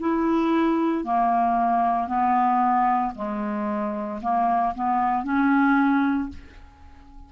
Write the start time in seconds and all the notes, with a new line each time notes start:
0.00 E4
1.05 A#3
2.08 B3
3.15 G#3
4.22 A#3
4.75 B3
5.24 C#4